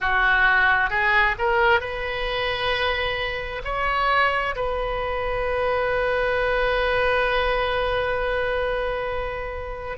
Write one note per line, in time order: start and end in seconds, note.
0.00 0.90 F#4
0.90 1.35 G#4
1.38 1.80 A#4
1.80 3.62 B4
3.64 4.55 C#5
4.55 9.97 B4